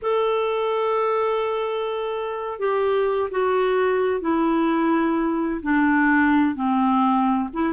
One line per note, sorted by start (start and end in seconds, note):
0.01 2.59 A4
2.59 3.29 G4
3.30 4.20 F#4
4.20 5.61 E4
5.62 6.55 D4
6.55 7.49 C4
7.53 7.73 E4